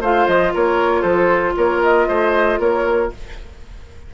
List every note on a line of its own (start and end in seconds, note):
0.00 0.26 A3
0.00 3.13 F4
0.00 0.52 C5
0.00 0.27 F5
0.27 0.53 F3
0.27 0.53 D#5
0.53 1.03 A#3
0.53 1.01 A#4
0.53 1.02 C#5
1.01 1.55 F3
1.01 1.52 A4
1.01 1.53 C5
1.56 2.08 A#3
1.56 2.08 A#4
1.56 1.82 C#5
1.83 2.60 D#5
2.08 2.58 A3
2.08 2.59 C5
2.58 3.10 A#3
2.58 3.11 A#4
2.58 3.12 C#5